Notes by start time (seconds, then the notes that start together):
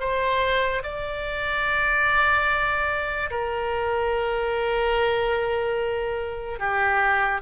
0.00 C5
0.83 D5
3.31 A#4
6.59 G4